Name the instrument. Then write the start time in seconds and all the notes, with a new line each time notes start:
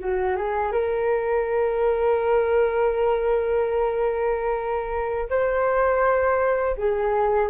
flute
0.00 F#4
0.37 G#4
0.73 A#4
5.30 C5
6.77 G#4